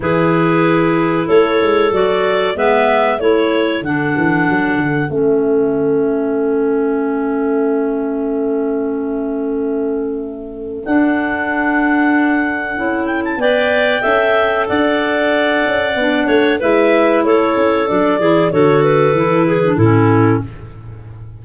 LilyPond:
<<
  \new Staff \with { instrumentName = "clarinet" } { \time 4/4 \tempo 4 = 94 b'2 cis''4 d''4 | e''4 cis''4 fis''2 | e''1~ | e''1~ |
e''4 fis''2.~ | fis''8 g''16 a''16 g''2 fis''4~ | fis''2 e''4 cis''4 | d''4 cis''8 b'4. a'4 | }
  \new Staff \with { instrumentName = "clarinet" } { \time 4/4 gis'2 a'2 | b'4 a'2.~ | a'1~ | a'1~ |
a'1~ | a'4 d''4 e''4 d''4~ | d''4. cis''8 b'4 a'4~ | a'8 gis'8 a'4. gis'8 e'4 | }
  \new Staff \with { instrumentName = "clarinet" } { \time 4/4 e'2. fis'4 | b4 e'4 d'2 | cis'1~ | cis'1~ |
cis'4 d'2. | e'4 b'4 a'2~ | a'4 d'4 e'2 | d'8 e'8 fis'4 e'8. d'16 cis'4 | }
  \new Staff \with { instrumentName = "tuba" } { \time 4/4 e2 a8 gis8 fis4 | gis4 a4 d8 e8 fis8 d8 | a1~ | a1~ |
a4 d'2. | cis'4 b4 cis'4 d'4~ | d'8 cis'8 b8 a8 gis4 a8 cis'8 | fis8 e8 d4 e4 a,4 | }
>>